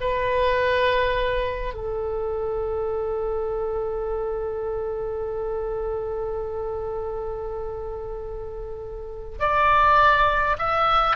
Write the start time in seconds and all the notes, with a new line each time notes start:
0.00 B4
1.74 A4
9.39 D5
10.58 E5